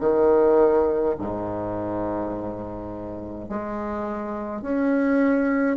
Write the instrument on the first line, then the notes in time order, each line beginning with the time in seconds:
bassoon
0.00 D#3
1.19 G#2
3.49 G#3
4.62 C#4